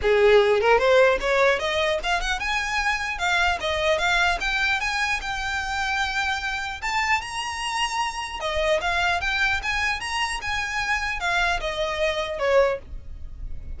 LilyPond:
\new Staff \with { instrumentName = "violin" } { \time 4/4 \tempo 4 = 150 gis'4. ais'8 c''4 cis''4 | dis''4 f''8 fis''8 gis''2 | f''4 dis''4 f''4 g''4 | gis''4 g''2.~ |
g''4 a''4 ais''2~ | ais''4 dis''4 f''4 g''4 | gis''4 ais''4 gis''2 | f''4 dis''2 cis''4 | }